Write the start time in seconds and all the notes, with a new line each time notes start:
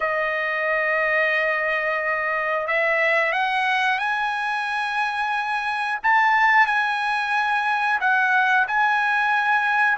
0.00 D#5
2.67 E5
3.32 F#5
3.98 G#5
6.03 A5
6.66 G#5
8.00 F#5
8.67 G#5